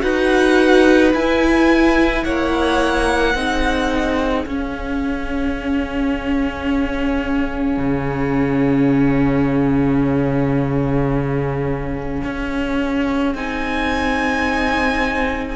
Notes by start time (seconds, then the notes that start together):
0.00 D#4 F#4 B4 F#5
1.14 E4 G#5
2.24 A#3 C#5 F#5
3.35 C4 D#4 G#4
4.46 C#4 F5
7.78 C#3
12.25 C#4
13.35 C4 D#4 G#5